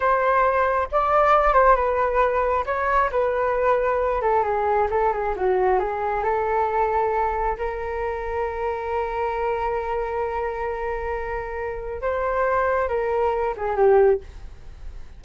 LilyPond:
\new Staff \with { instrumentName = "flute" } { \time 4/4 \tempo 4 = 135 c''2 d''4. c''8 | b'2 cis''4 b'4~ | b'4. a'8 gis'4 a'8 gis'8 | fis'4 gis'4 a'2~ |
a'4 ais'2.~ | ais'1~ | ais'2. c''4~ | c''4 ais'4. gis'8 g'4 | }